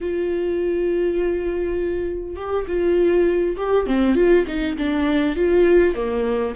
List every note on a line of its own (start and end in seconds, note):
0.00 2.35 F4
2.35 2.65 G4
2.67 3.56 F4
3.56 3.86 G4
3.86 4.15 C4
4.15 4.45 F4
4.47 4.76 D#4
4.77 5.36 D4
5.36 5.94 F4
5.94 6.54 A#3